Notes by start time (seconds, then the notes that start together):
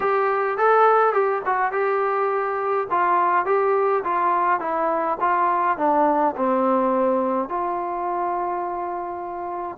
0.00 G4
0.57 A4
1.12 G4
1.45 F#4
1.72 G4
2.90 F4
3.45 G4
4.04 F4
4.60 E4
5.20 F4
5.77 D4
6.36 C4
7.48 F4